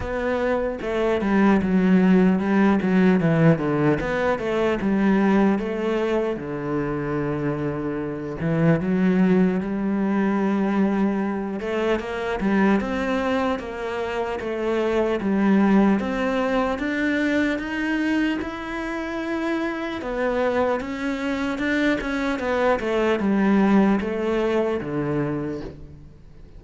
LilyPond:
\new Staff \with { instrumentName = "cello" } { \time 4/4 \tempo 4 = 75 b4 a8 g8 fis4 g8 fis8 | e8 d8 b8 a8 g4 a4 | d2~ d8 e8 fis4 | g2~ g8 a8 ais8 g8 |
c'4 ais4 a4 g4 | c'4 d'4 dis'4 e'4~ | e'4 b4 cis'4 d'8 cis'8 | b8 a8 g4 a4 d4 | }